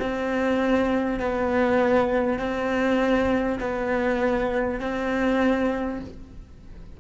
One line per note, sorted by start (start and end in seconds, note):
0.00 1.20 C4
1.20 2.39 B3
2.39 3.59 C4
3.61 4.81 B3
4.81 6.01 C4